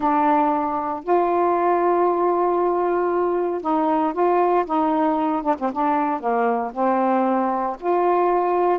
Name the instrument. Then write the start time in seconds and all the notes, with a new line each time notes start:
saxophone
0.00 D4
1.03 F4
3.61 D#4
4.13 F4
4.65 D#4
5.42 D4
5.59 C4
5.72 D4
6.20 A#3
6.73 C4
7.79 F4